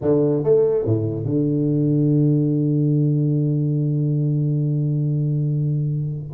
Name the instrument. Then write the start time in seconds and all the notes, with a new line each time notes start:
tuba
0.01 D3
0.43 A3
0.85 A2
1.24 D3